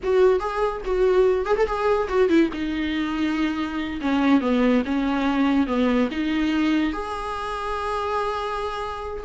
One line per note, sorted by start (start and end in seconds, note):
0.03 0.39 F#4
0.39 0.81 G#4
0.85 1.45 F#4
1.45 1.56 G#4
1.56 1.66 A4
1.66 2.08 G#4
2.08 2.28 F#4
2.28 2.49 E4
2.53 4.00 D#4
4.01 4.40 C#4
4.40 4.82 B3
4.85 5.66 C#4
5.66 6.08 B3
6.11 6.92 D#4
6.92 9.23 G#4